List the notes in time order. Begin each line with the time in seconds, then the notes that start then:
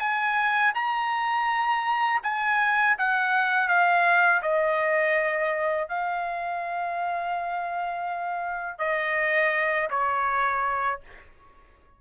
0.00 G#5
0.75 A#5
2.23 G#5
2.98 F#5
3.69 F5
4.43 D#5
5.89 F5
8.79 D#5
9.91 C#5